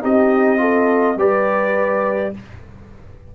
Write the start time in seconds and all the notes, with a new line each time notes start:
0.00 C4 D#4 G4 D#5
0.57 F4 A4
1.16 G3 G4 B4 D5